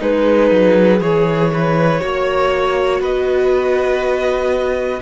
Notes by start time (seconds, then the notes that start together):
0.00 G#3 D#4 G#4 B4
0.51 F#3
1.00 E3 G#4 C#5
1.53 B4
2.00 A#3 F#4 C#5
3.00 B3 B4 D#5